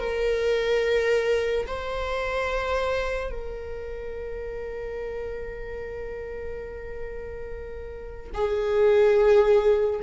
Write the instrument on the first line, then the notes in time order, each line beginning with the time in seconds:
viola
0.00 A#4
1.67 C5
3.31 A#4
8.34 G#4